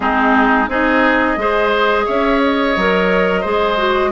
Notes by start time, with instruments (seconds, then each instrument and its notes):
0.00 bassoon G#3, clarinet C4, oboe D#4, flute G#4
0.68 bassoon C4, clarinet D#4, oboe G#4, flute D#5
1.36 bassoon G#3, clarinet G#4, oboe C5
2.05 bassoon C#4, oboe C#5, flute E5
2.43 flute D#5
2.76 bassoon F#3, clarinet A#4
3.41 bassoon G#3, clarinet G#4, oboe C5
3.77 clarinet F#4